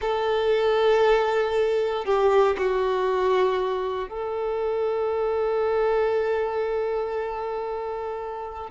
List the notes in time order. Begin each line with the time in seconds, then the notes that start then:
0.01 A4
2.05 G4
2.58 F#4
4.08 A4